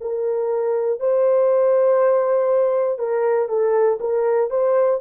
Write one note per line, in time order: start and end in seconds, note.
0.00 0.99 A#4
0.99 2.98 C5
2.98 3.48 A#4
3.48 3.98 A4
4.00 4.50 A#4
4.50 5.00 C5